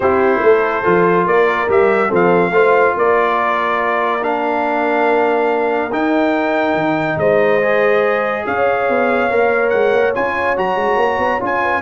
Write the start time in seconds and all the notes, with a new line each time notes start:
0.00 C4 E4 G4 C5
0.42 A3 A4
0.83 F3 F4
1.25 A#3 A#4 D5
1.68 G3 G4 E5
2.08 F3 C4 A4
2.14 F5
2.50 A3 F4 C5
2.96 A#3 A#4 D5
4.21 D4 F5
5.92 D#4 G5
6.74 D#3
7.16 G#3 C5 D#5
7.61 G#4
8.46 C#4 C#5 F5
8.89 B3
9.30 A#3 A#4
9.69 G#3 F#5
9.93 A#3
10.14 C#4 F4 G#5
10.56 F#3 F#4 A#5
10.76 G#3
10.96 A#3
11.18 B3
11.39 C#4 F4 G#5
11.61 B4